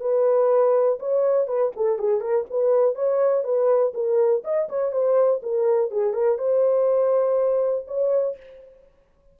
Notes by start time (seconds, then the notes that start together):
0.00 B4
0.99 C#5
1.47 B4
1.76 A4
1.98 G#4
2.20 A#4
2.50 B4
2.95 C#5
3.43 B4
3.94 A#4
4.44 D#5
4.69 C#5
4.92 C5
5.42 A#4
5.91 G#4
6.13 A#4
6.38 C5
7.87 C#5